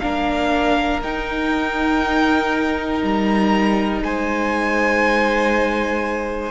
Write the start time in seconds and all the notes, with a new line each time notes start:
0.00 A#3 D4 A#4 F5
1.03 D#4 G5
3.03 G3 A#5
4.03 G#3 C5 G#5